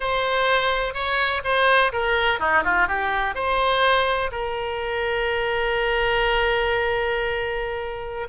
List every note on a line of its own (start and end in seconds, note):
0.00 0.94 C5
0.94 1.42 C#5
1.44 1.92 C5
1.92 2.39 A#4
2.39 2.63 D#4
2.64 2.87 F4
2.87 3.34 G4
3.34 4.30 C5
4.31 8.27 A#4